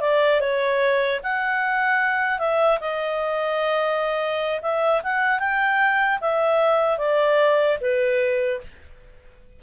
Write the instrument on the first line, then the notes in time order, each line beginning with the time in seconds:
clarinet
0.00 D5
0.40 C#5
1.23 F#5
2.39 E5
2.80 D#5
4.61 E5
5.03 F#5
5.39 G5
6.20 E5
6.97 D5
7.80 B4